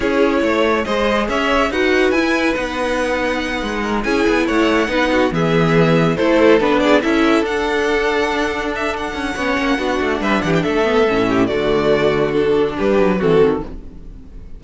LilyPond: <<
  \new Staff \with { instrumentName = "violin" } { \time 4/4 \tempo 4 = 141 cis''2 dis''4 e''4 | fis''4 gis''4 fis''2~ | fis''4. gis''4 fis''4.~ | fis''8 e''2 c''4 b'8 |
d''8 e''4 fis''2~ fis''8~ | fis''8 e''8 fis''2. | e''8 fis''16 g''16 e''2 d''4~ | d''4 a'4 b'4 a'4 | }
  \new Staff \with { instrumentName = "violin" } { \time 4/4 gis'4 cis''4 c''4 cis''4 | b'1~ | b'4 ais'8 gis'4 cis''4 b'8 | fis'8 gis'2 a'4. |
gis'8 a'2.~ a'8~ | a'2 cis''4 fis'4 | b'8 g'8 a'4. g'8 fis'4~ | fis'2 g'4 fis'4 | }
  \new Staff \with { instrumentName = "viola" } { \time 4/4 e'2 gis'2 | fis'4 e'4 dis'2~ | dis'4. e'2 dis'8~ | dis'8 b2 e'4 d'8~ |
d'8 e'4 d'2~ d'8~ | d'2 cis'4 d'4~ | d'4. b8 cis'4 a4~ | a4 d'2 c'4 | }
  \new Staff \with { instrumentName = "cello" } { \time 4/4 cis'4 a4 gis4 cis'4 | dis'4 e'4 b2~ | b8 gis4 cis'8 b8 a4 b8~ | b8 e2 a4 b8~ |
b8 cis'4 d'2~ d'8~ | d'4. cis'8 b8 ais8 b8 a8 | g8 e8 a4 a,4 d4~ | d2 g8 fis8 e8 dis8 | }
>>